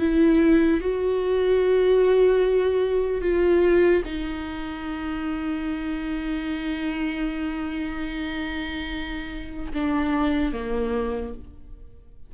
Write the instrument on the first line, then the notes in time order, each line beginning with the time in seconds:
viola
0.00 E4
0.81 F#4
3.22 F4
4.05 D#4
9.74 D4
10.53 A#3